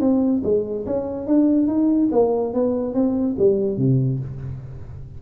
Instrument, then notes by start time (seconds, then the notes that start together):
tuba
0.00 C4
0.43 G#3
0.86 C#4
1.27 D4
1.67 D#4
2.12 A#3
2.54 B3
2.94 C4
3.38 G3
3.77 C3